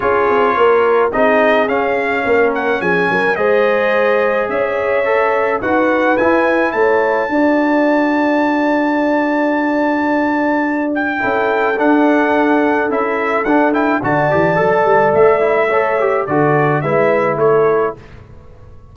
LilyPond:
<<
  \new Staff \with { instrumentName = "trumpet" } { \time 4/4 \tempo 4 = 107 cis''2 dis''4 f''4~ | f''8 fis''8 gis''4 dis''2 | e''2 fis''4 gis''4 | a''1~ |
a''2.~ a''8 g''8~ | g''4 fis''2 e''4 | fis''8 g''8 a''2 e''4~ | e''4 d''4 e''4 cis''4 | }
  \new Staff \with { instrumentName = "horn" } { \time 4/4 gis'4 ais'4 gis'2 | ais'4 gis'8 ais'8 c''2 | cis''2 b'2 | cis''4 d''2.~ |
d''1 | a'1~ | a'4 d''2. | cis''4 a'4 b'4 a'4 | }
  \new Staff \with { instrumentName = "trombone" } { \time 4/4 f'2 dis'4 cis'4~ | cis'2 gis'2~ | gis'4 a'4 fis'4 e'4~ | e'4 fis'2.~ |
fis'1 | e'4 d'2 e'4 | d'8 e'8 fis'8 g'8 a'4. e'8 | a'8 g'8 fis'4 e'2 | }
  \new Staff \with { instrumentName = "tuba" } { \time 4/4 cis'8 c'8 ais4 c'4 cis'4 | ais4 f8 fis8 gis2 | cis'2 dis'4 e'4 | a4 d'2.~ |
d'1 | cis'4 d'2 cis'4 | d'4 d8 e8 fis8 g8 a4~ | a4 d4 gis4 a4 | }
>>